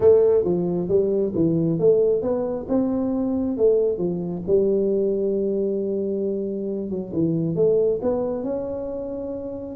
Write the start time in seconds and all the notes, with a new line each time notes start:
0.00 A3
0.44 F3
0.88 G3
1.35 E3
1.79 A3
2.21 B3
2.68 C4
3.57 A3
3.98 F3
4.46 G3
6.90 F#3
7.13 E3
7.55 A3
8.02 B3
8.43 C#4